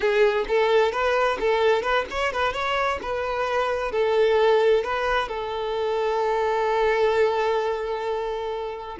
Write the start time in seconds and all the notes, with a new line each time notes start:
0.00 G#4
0.47 A4
0.91 B4
1.40 A4
1.82 B4
2.10 C#5
2.32 B4
2.53 C#5
3.02 B4
3.91 A4
4.84 B4
5.28 A4